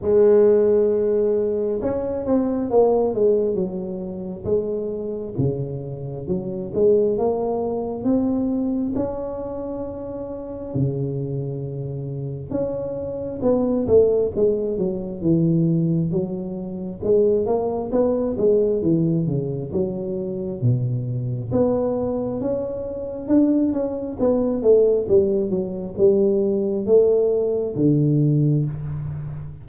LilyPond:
\new Staff \with { instrumentName = "tuba" } { \time 4/4 \tempo 4 = 67 gis2 cis'8 c'8 ais8 gis8 | fis4 gis4 cis4 fis8 gis8 | ais4 c'4 cis'2 | cis2 cis'4 b8 a8 |
gis8 fis8 e4 fis4 gis8 ais8 | b8 gis8 e8 cis8 fis4 b,4 | b4 cis'4 d'8 cis'8 b8 a8 | g8 fis8 g4 a4 d4 | }